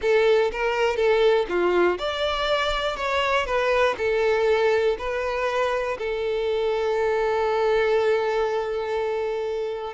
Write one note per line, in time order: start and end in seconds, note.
0.01 0.51 A4
0.52 0.96 A#4
0.96 1.46 A4
1.48 1.98 F4
1.98 2.96 D5
2.96 3.46 C#5
3.46 3.95 B4
3.97 4.96 A4
4.98 5.97 B4
5.98 9.93 A4